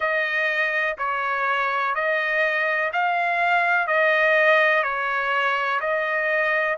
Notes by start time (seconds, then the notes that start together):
0.00 D#5
0.98 C#5
1.94 D#5
2.93 F5
3.87 D#5
4.83 C#5
5.80 D#5